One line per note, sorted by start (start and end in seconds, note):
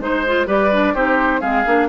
0.00 0.47 G#3
0.00 0.24 D#4
0.00 0.49 C5
0.00 0.47 C5
0.27 0.47 F4
0.47 0.94 G3
0.47 0.70 G4
0.47 0.94 B4
0.47 0.95 D5
0.72 0.95 D4
0.94 1.42 C4
0.94 1.41 D#4
0.94 1.41 G4
0.94 1.41 C5
1.41 1.65 G#3
1.41 1.65 C4
1.41 1.88 G#4
1.41 1.88 F5
1.66 1.89 A#3
1.66 1.89 D4